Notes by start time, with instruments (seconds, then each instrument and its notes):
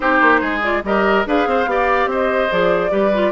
0.00 bassoon C4, clarinet D#4, oboe G4, flute C5
0.21 bassoon A#3
0.40 bassoon G#3, oboe G#4
0.62 clarinet F4, flute D5
0.83 bassoon G3, clarinet G4, oboe A#4, flute D#5
1.25 bassoon D4, clarinet G#4, oboe B4, flute F5
1.46 bassoon C4, oboe C5
1.65 bassoon B3, clarinet G4, oboe D5
2.06 bassoon C4, oboe C5, flute D#5
2.51 bassoon F3, clarinet G#4, flute D5
2.89 bassoon G3, clarinet G4, oboe B4
3.13 clarinet F4